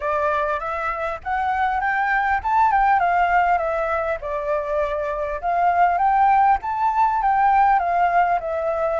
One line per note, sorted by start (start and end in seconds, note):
0.00 0.59 D5
0.59 1.19 E5
1.23 1.80 F#5
1.80 2.40 G5
2.43 2.71 A5
2.71 2.99 G5
2.99 3.58 F5
3.58 4.18 E5
4.20 5.40 D5
5.41 5.98 F5
5.98 6.58 G5
6.62 7.21 A5
7.22 7.79 G5
7.79 8.39 F5
8.40 9.00 E5